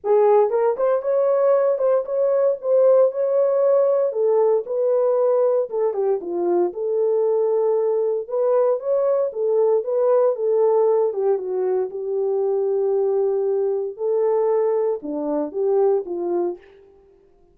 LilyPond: \new Staff \with { instrumentName = "horn" } { \time 4/4 \tempo 4 = 116 gis'4 ais'8 c''8 cis''4. c''8 | cis''4 c''4 cis''2 | a'4 b'2 a'8 g'8 | f'4 a'2. |
b'4 cis''4 a'4 b'4 | a'4. g'8 fis'4 g'4~ | g'2. a'4~ | a'4 d'4 g'4 f'4 | }